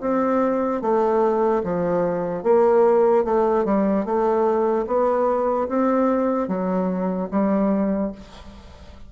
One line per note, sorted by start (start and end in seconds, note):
0.00 0.81 C4
0.81 1.62 A3
1.63 2.43 F3
2.43 3.24 A#3
3.24 3.64 A3
3.64 4.05 G3
4.05 4.86 A3
4.86 5.68 B3
5.68 6.48 C4
6.48 7.29 F#3
7.31 8.12 G3